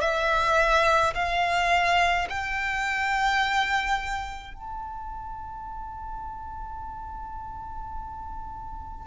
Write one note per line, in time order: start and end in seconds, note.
0.00 1.13 E5
1.14 2.27 F5
2.29 4.54 G5
4.54 9.06 A5